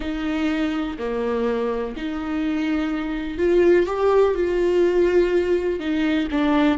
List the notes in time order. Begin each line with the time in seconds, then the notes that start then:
0.00 D#4
0.98 A#3
1.96 D#4
3.38 F4
3.86 G4
4.34 F4
5.79 D#4
6.31 D4